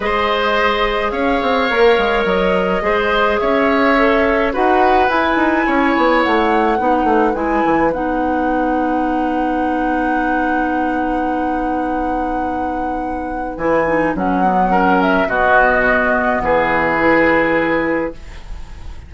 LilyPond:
<<
  \new Staff \with { instrumentName = "flute" } { \time 4/4 \tempo 4 = 106 dis''2 f''2 | dis''2 e''2 | fis''4 gis''2 fis''4~ | fis''4 gis''4 fis''2~ |
fis''1~ | fis''1 | gis''4 fis''4. e''8 dis''4~ | dis''4 b'2. | }
  \new Staff \with { instrumentName = "oboe" } { \time 4/4 c''2 cis''2~ | cis''4 c''4 cis''2 | b'2 cis''2 | b'1~ |
b'1~ | b'1~ | b'2 ais'4 fis'4~ | fis'4 gis'2. | }
  \new Staff \with { instrumentName = "clarinet" } { \time 4/4 gis'2. ais'4~ | ais'4 gis'2 a'4 | fis'4 e'2. | dis'4 e'4 dis'2~ |
dis'1~ | dis'1 | e'8 dis'8 cis'8 b8 cis'4 b4~ | b2 e'2 | }
  \new Staff \with { instrumentName = "bassoon" } { \time 4/4 gis2 cis'8 c'8 ais8 gis8 | fis4 gis4 cis'2 | dis'4 e'8 dis'8 cis'8 b8 a4 | b8 a8 gis8 e8 b2~ |
b1~ | b1 | e4 fis2 b,4~ | b,4 e2. | }
>>